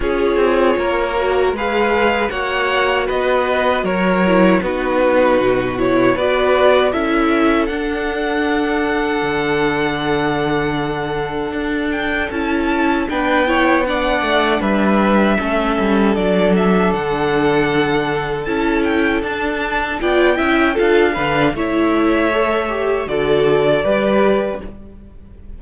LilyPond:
<<
  \new Staff \with { instrumentName = "violin" } { \time 4/4 \tempo 4 = 78 cis''2 f''4 fis''4 | dis''4 cis''4 b'4. cis''8 | d''4 e''4 fis''2~ | fis''2.~ fis''8 g''8 |
a''4 g''4 fis''4 e''4~ | e''4 d''8 e''8 fis''2 | a''8 g''8 a''4 g''4 f''4 | e''2 d''2 | }
  \new Staff \with { instrumentName = "violin" } { \time 4/4 gis'4 ais'4 b'4 cis''4 | b'4 ais'4 fis'2 | b'4 a'2.~ | a'1~ |
a'4 b'8 cis''8 d''4 b'4 | a'1~ | a'2 d''8 e''8 a'8 b'8 | cis''2 a'4 b'4 | }
  \new Staff \with { instrumentName = "viola" } { \time 4/4 f'4. fis'8 gis'4 fis'4~ | fis'4. e'8 dis'4. e'8 | fis'4 e'4 d'2~ | d'1 |
e'4 d'8 e'8 d'2 | cis'4 d'2. | e'4 d'4 f'8 e'8 f'8 d'8 | e'4 a'8 g'8 fis'4 g'4 | }
  \new Staff \with { instrumentName = "cello" } { \time 4/4 cis'8 c'8 ais4 gis4 ais4 | b4 fis4 b4 b,4 | b4 cis'4 d'2 | d2. d'4 |
cis'4 b4. a8 g4 | a8 g8 fis4 d2 | cis'4 d'4 b8 cis'8 d'8 d8 | a2 d4 g4 | }
>>